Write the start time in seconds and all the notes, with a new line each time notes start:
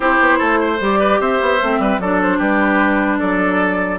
0.00 C4 E4 G4 C5
0.20 B3
0.38 A3 A4
0.61 C5
0.80 G3 G4 D5
0.99 B4
1.20 C4 C5 E5
1.41 B3
1.61 A3 C4
1.79 G3 B4
1.99 F#3 D4 A4 D5
2.22 C5
2.38 G3 G4 B4
3.18 F#3 A4 D5